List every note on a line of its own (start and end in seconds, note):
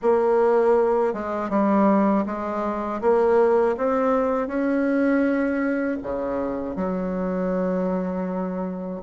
0.01 1.13 A#3
1.13 1.49 G#3
1.49 2.24 G3
2.25 3.00 G#3
3.01 3.76 A#3
3.77 4.47 C4
4.47 5.97 C#4
6.02 6.75 C#3
6.75 9.00 F#3